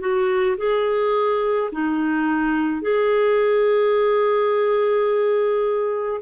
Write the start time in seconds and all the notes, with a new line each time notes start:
0.00 F#4
0.57 G#4
1.72 D#4
2.81 G#4